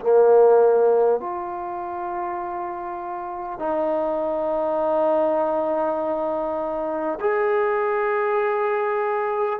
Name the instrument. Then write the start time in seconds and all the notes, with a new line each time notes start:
trombone
0.00 A#3
1.19 F4
3.59 D#4
7.21 G#4